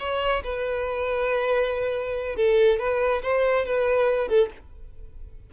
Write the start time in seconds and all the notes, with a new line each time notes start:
0.00 C#5
0.44 B4
2.36 A4
2.79 B4
3.23 C5
3.66 B4
4.29 A4